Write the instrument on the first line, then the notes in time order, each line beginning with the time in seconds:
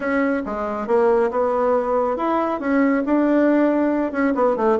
bassoon
0.00 C#4
0.45 G#3
0.87 A#3
1.30 B3
2.16 E4
2.59 C#4
3.05 D4
4.12 C#4
4.34 B3
4.56 A3